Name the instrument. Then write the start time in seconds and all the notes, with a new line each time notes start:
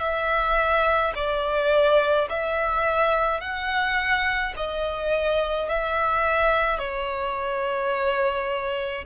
violin
0.00 E5
1.15 D5
2.30 E5
3.41 F#5
4.57 D#5
5.69 E5
6.79 C#5